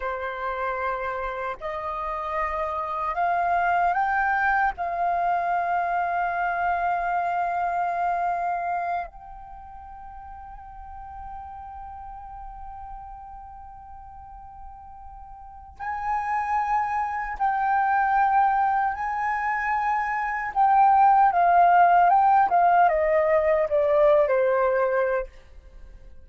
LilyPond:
\new Staff \with { instrumentName = "flute" } { \time 4/4 \tempo 4 = 76 c''2 dis''2 | f''4 g''4 f''2~ | f''2.~ f''8 g''8~ | g''1~ |
g''1 | gis''2 g''2 | gis''2 g''4 f''4 | g''8 f''8 dis''4 d''8. c''4~ c''16 | }